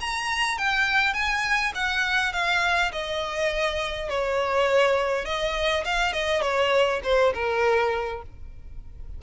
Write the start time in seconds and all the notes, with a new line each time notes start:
0.00 A#5
0.58 G5
1.13 G#5
1.75 F#5
2.33 F5
2.92 D#5
4.09 C#5
5.25 D#5
5.85 F5
6.13 D#5
6.41 C#5
7.03 C5
7.34 A#4